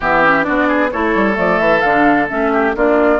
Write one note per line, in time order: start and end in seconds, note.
0.00 0.47 E3
0.00 0.23 B3
0.00 0.46 G4
0.00 0.43 E5
0.23 0.43 C#4
0.43 0.93 B3
0.43 0.88 D4
0.43 0.68 F#4
0.43 0.89 D5
0.68 0.90 G#4
0.91 1.15 A3
0.91 1.33 E4
0.91 2.52 A4
0.91 1.37 C#5
1.15 1.37 G3
1.33 1.59 F3
1.33 1.79 A3
1.33 1.59 D5
1.59 1.82 E3
1.59 1.81 E5
1.81 2.29 D3
1.81 2.28 D4
1.81 2.26 F5
2.28 2.75 A3
2.28 2.74 C#4
2.28 2.75 E5
2.52 2.75 G4
2.75 3.19 A#3
2.75 3.19 D4
2.75 3.19 F4
2.75 3.19 D5